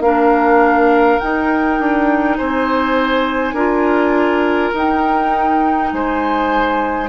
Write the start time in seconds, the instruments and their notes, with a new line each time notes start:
0.00 bassoon A#3, clarinet D4, oboe A#4, flute F5
1.19 clarinet D#4, bassoon D#4, flute G5
1.79 bassoon D4
2.37 bassoon C4, oboe C5, flute G#5
3.53 bassoon D4, clarinet F4, oboe A#4
4.74 bassoon D#4, clarinet D#4, flute G5
5.91 bassoon G#3, oboe C5, flute G#5